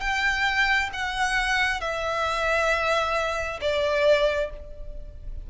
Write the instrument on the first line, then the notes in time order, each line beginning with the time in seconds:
violin
0.00 G5
0.93 F#5
1.80 E5
3.61 D5